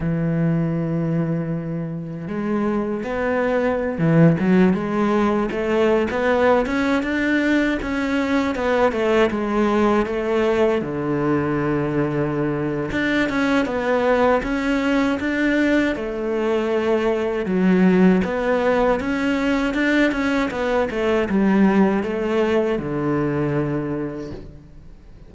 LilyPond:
\new Staff \with { instrumentName = "cello" } { \time 4/4 \tempo 4 = 79 e2. gis4 | b4~ b16 e8 fis8 gis4 a8. | b8. cis'8 d'4 cis'4 b8 a16~ | a16 gis4 a4 d4.~ d16~ |
d4 d'8 cis'8 b4 cis'4 | d'4 a2 fis4 | b4 cis'4 d'8 cis'8 b8 a8 | g4 a4 d2 | }